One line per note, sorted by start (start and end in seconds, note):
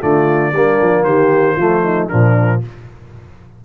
0.00 0.52 D3
0.00 0.52 A3
0.00 0.53 F4
0.00 1.04 D5
0.52 0.78 G3
0.52 1.59 A#3
0.52 1.05 D4
0.81 1.04 F3
1.04 1.55 D#3
1.04 1.55 G4
1.04 2.07 C5
1.55 2.08 F3
1.55 2.10 A3
1.55 1.81 F4
1.83 2.08 D#4
2.08 2.64 A#2
2.08 2.61 F3
2.08 2.60 D4
2.08 2.60 A#4